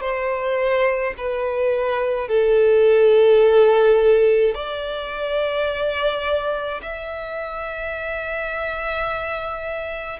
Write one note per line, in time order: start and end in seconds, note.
0.00 1.13 C5
1.17 2.28 B4
2.28 4.54 A4
4.54 6.81 D5
6.82 10.20 E5